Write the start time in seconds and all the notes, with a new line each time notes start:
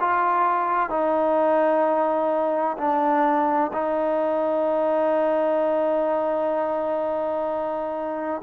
0.00 F4
0.89 D#4
2.78 D4
3.73 D#4